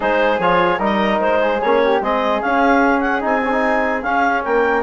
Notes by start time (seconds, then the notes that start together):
0.00 G#3 D#4 G#4 C5
0.39 F3 F4 C#5
0.78 G3 D#4 A#4 D#5
1.20 G#3 C5
1.41 G#4
1.61 A#3 C#4 C#5
1.84 G4
2.01 G#3 C4 G#4 D#5
2.41 C#4 F5
3.00 F#5
3.20 C4 D#4 G#5
3.44 C#4
3.51 D#4
4.02 C#4 F5
4.44 A#3 A#4 G5